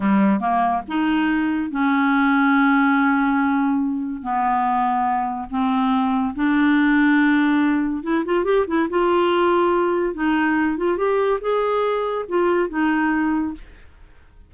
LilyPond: \new Staff \with { instrumentName = "clarinet" } { \time 4/4 \tempo 4 = 142 g4 ais4 dis'2 | cis'1~ | cis'2 b2~ | b4 c'2 d'4~ |
d'2. e'8 f'8 | g'8 e'8 f'2. | dis'4. f'8 g'4 gis'4~ | gis'4 f'4 dis'2 | }